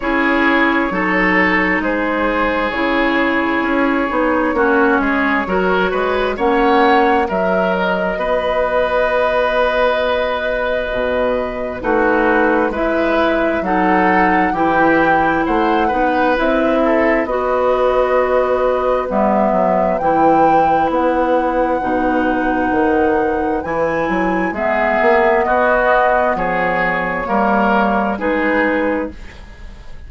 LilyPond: <<
  \new Staff \with { instrumentName = "flute" } { \time 4/4 \tempo 4 = 66 cis''2 c''4 cis''4~ | cis''2. fis''4 | e''8 dis''2.~ dis''8~ | dis''4 b'4 e''4 fis''4 |
g''4 fis''4 e''4 dis''4~ | dis''4 e''4 g''4 fis''4~ | fis''2 gis''4 e''4 | dis''4 cis''2 b'4 | }
  \new Staff \with { instrumentName = "oboe" } { \time 4/4 gis'4 a'4 gis'2~ | gis'4 fis'8 gis'8 ais'8 b'8 cis''4 | ais'4 b'2.~ | b'4 fis'4 b'4 a'4 |
g'4 c''8 b'4 a'8 b'4~ | b'1~ | b'2. gis'4 | fis'4 gis'4 ais'4 gis'4 | }
  \new Staff \with { instrumentName = "clarinet" } { \time 4/4 e'4 dis'2 e'4~ | e'8 dis'8 cis'4 fis'4 cis'4 | fis'1~ | fis'4 dis'4 e'4 dis'4 |
e'4. dis'8 e'4 fis'4~ | fis'4 b4 e'2 | dis'2 e'4 b4~ | b2 ais4 dis'4 | }
  \new Staff \with { instrumentName = "bassoon" } { \time 4/4 cis'4 fis4 gis4 cis4 | cis'8 b8 ais8 gis8 fis8 gis8 ais4 | fis4 b2. | b,4 a4 gis4 fis4 |
e4 a8 b8 c'4 b4~ | b4 g8 fis8 e4 b4 | b,4 dis4 e8 fis8 gis8 ais8 | b4 f4 g4 gis4 | }
>>